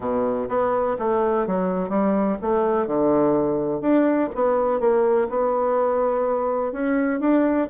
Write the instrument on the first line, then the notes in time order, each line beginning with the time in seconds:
bassoon
0.00 B2
0.48 B3
0.99 A3
1.46 F#3
1.89 G3
2.41 A3
2.87 D3
3.81 D4
4.34 B3
4.79 A#3
5.29 B3
6.72 C#4
7.20 D4